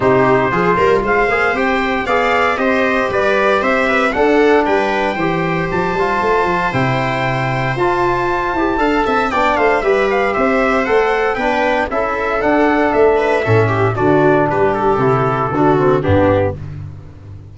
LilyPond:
<<
  \new Staff \with { instrumentName = "trumpet" } { \time 4/4 \tempo 4 = 116 c''2 f''4 g''4 | f''4 dis''4 d''4 e''4 | fis''4 g''2 a''4~ | a''4 g''2 a''4~ |
a''2 g''8 f''8 e''8 f''8 | e''4 fis''4 g''4 e''4 | fis''4 e''2 d''4 | b'8 a'2~ a'8 g'4 | }
  \new Staff \with { instrumentName = "viola" } { \time 4/4 g'4 gis'8 ais'8 c''2 | d''4 c''4 b'4 c''8 b'8 | a'4 b'4 c''2~ | c''1~ |
c''4 f''8 e''8 d''8 c''8 b'4 | c''2 b'4 a'4~ | a'4. b'8 a'8 g'8 fis'4 | g'2 fis'4 d'4 | }
  \new Staff \with { instrumentName = "trombone" } { \time 4/4 dis'4 f'4. gis'8 g'4 | gis'4 g'2. | d'2 g'4. f'8~ | f'4 e'2 f'4~ |
f'8 g'8 a'4 d'4 g'4~ | g'4 a'4 d'4 e'4 | d'2 cis'4 d'4~ | d'4 e'4 d'8 c'8 b4 | }
  \new Staff \with { instrumentName = "tuba" } { \time 4/4 c4 f8 g8 gis8 ais8 c'4 | b4 c'4 g4 c'4 | d'4 g4 e4 f8 g8 | a8 f8 c2 f'4~ |
f'8 e'8 d'8 c'8 b8 a8 g4 | c'4 a4 b4 cis'4 | d'4 a4 a,4 d4 | g4 c4 d4 g,4 | }
>>